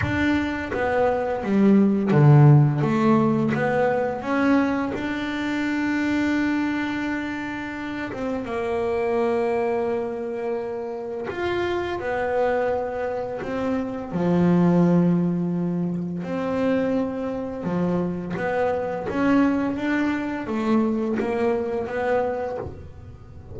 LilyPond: \new Staff \with { instrumentName = "double bass" } { \time 4/4 \tempo 4 = 85 d'4 b4 g4 d4 | a4 b4 cis'4 d'4~ | d'2.~ d'8 c'8 | ais1 |
f'4 b2 c'4 | f2. c'4~ | c'4 f4 b4 cis'4 | d'4 a4 ais4 b4 | }